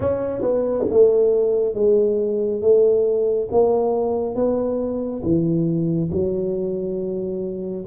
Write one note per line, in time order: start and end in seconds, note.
0.00 0.42 C#4
0.42 0.85 B3
0.89 1.74 A3
1.74 2.61 G#3
2.61 3.48 A3
3.51 4.35 A#3
4.35 5.22 B3
5.23 6.10 E3
6.11 7.85 F#3